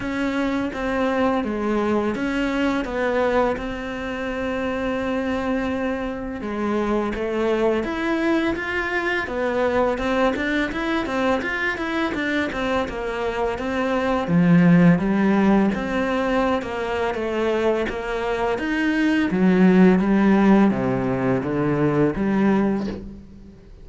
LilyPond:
\new Staff \with { instrumentName = "cello" } { \time 4/4 \tempo 4 = 84 cis'4 c'4 gis4 cis'4 | b4 c'2.~ | c'4 gis4 a4 e'4 | f'4 b4 c'8 d'8 e'8 c'8 |
f'8 e'8 d'8 c'8 ais4 c'4 | f4 g4 c'4~ c'16 ais8. | a4 ais4 dis'4 fis4 | g4 c4 d4 g4 | }